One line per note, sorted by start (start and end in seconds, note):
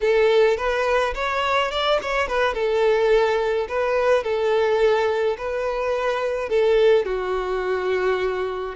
0.01 0.57 A4
0.57 1.13 B4
1.14 1.71 C#5
1.71 1.99 D5
2.02 2.27 C#5
2.27 2.53 B4
2.53 3.67 A4
3.68 4.23 B4
4.23 5.36 A4
5.37 6.49 B4
6.49 7.05 A4
7.05 8.75 F#4